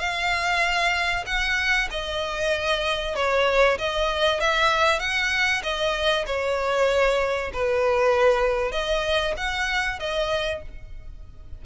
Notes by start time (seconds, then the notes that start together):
0.00 F5
1.26 F#5
1.91 D#5
3.16 C#5
3.79 D#5
4.41 E5
5.00 F#5
5.63 D#5
6.27 C#5
7.53 B4
8.72 D#5
9.37 F#5
10.00 D#5